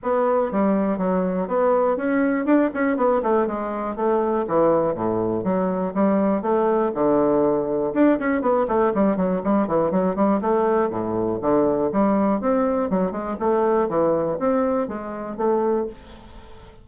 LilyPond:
\new Staff \with { instrumentName = "bassoon" } { \time 4/4 \tempo 4 = 121 b4 g4 fis4 b4 | cis'4 d'8 cis'8 b8 a8 gis4 | a4 e4 a,4 fis4 | g4 a4 d2 |
d'8 cis'8 b8 a8 g8 fis8 g8 e8 | fis8 g8 a4 a,4 d4 | g4 c'4 fis8 gis8 a4 | e4 c'4 gis4 a4 | }